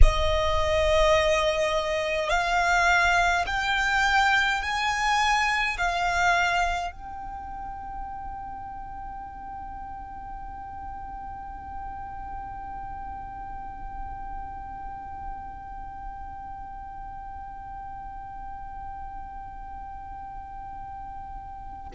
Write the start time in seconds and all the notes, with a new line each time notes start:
0.02 D#5
2.29 F5
3.46 G5
4.62 G#5
5.77 F5
6.91 G5